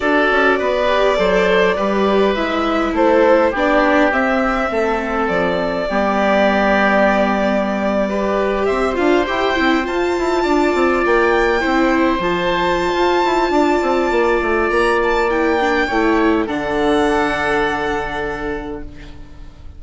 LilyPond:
<<
  \new Staff \with { instrumentName = "violin" } { \time 4/4 \tempo 4 = 102 d''1 | e''4 c''4 d''4 e''4~ | e''4 d''2.~ | d''2~ d''8. e''8 f''8 g''16~ |
g''8. a''2 g''4~ g''16~ | g''8. a''2.~ a''16~ | a''4 ais''8 a''8 g''2 | fis''1 | }
  \new Staff \with { instrumentName = "oboe" } { \time 4/4 a'4 b'4 c''4 b'4~ | b'4 a'4 g'2 | a'2 g'2~ | g'4.~ g'16 b'4 c''4~ c''16~ |
c''4.~ c''16 d''2 c''16~ | c''2. d''4~ | d''2. cis''4 | a'1 | }
  \new Staff \with { instrumentName = "viola" } { \time 4/4 fis'4. g'8 a'4 g'4 | e'2 d'4 c'4~ | c'2 b2~ | b4.~ b16 g'4. f'8 g'16~ |
g'16 e'8 f'2. e'16~ | e'8. f'2.~ f'16~ | f'2 e'8 d'8 e'4 | d'1 | }
  \new Staff \with { instrumentName = "bassoon" } { \time 4/4 d'8 cis'8 b4 fis4 g4 | gis4 a4 b4 c'4 | a4 f4 g2~ | g2~ g8. c'8 d'8 e'16~ |
e'16 c'8 f'8 e'8 d'8 c'8 ais4 c'16~ | c'8. f4~ f16 f'8 e'8 d'8 c'8 | ais8 a8 ais2 a4 | d1 | }
>>